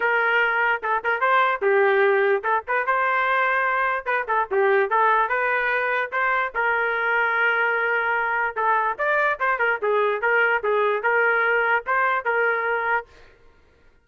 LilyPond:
\new Staff \with { instrumentName = "trumpet" } { \time 4/4 \tempo 4 = 147 ais'2 a'8 ais'8 c''4 | g'2 a'8 b'8 c''4~ | c''2 b'8 a'8 g'4 | a'4 b'2 c''4 |
ais'1~ | ais'4 a'4 d''4 c''8 ais'8 | gis'4 ais'4 gis'4 ais'4~ | ais'4 c''4 ais'2 | }